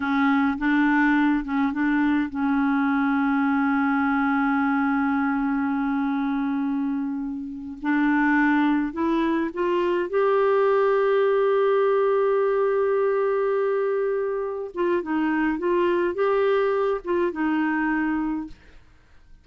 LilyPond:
\new Staff \with { instrumentName = "clarinet" } { \time 4/4 \tempo 4 = 104 cis'4 d'4. cis'8 d'4 | cis'1~ | cis'1~ | cis'4. d'2 e'8~ |
e'8 f'4 g'2~ g'8~ | g'1~ | g'4. f'8 dis'4 f'4 | g'4. f'8 dis'2 | }